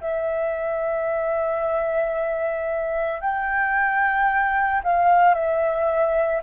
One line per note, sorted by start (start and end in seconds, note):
0.00 3.20 E5
3.20 4.81 G5
4.83 5.34 F5
5.34 6.41 E5